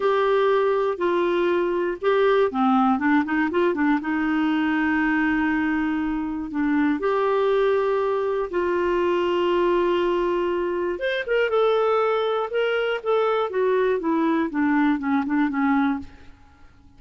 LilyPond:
\new Staff \with { instrumentName = "clarinet" } { \time 4/4 \tempo 4 = 120 g'2 f'2 | g'4 c'4 d'8 dis'8 f'8 d'8 | dis'1~ | dis'4 d'4 g'2~ |
g'4 f'2.~ | f'2 c''8 ais'8 a'4~ | a'4 ais'4 a'4 fis'4 | e'4 d'4 cis'8 d'8 cis'4 | }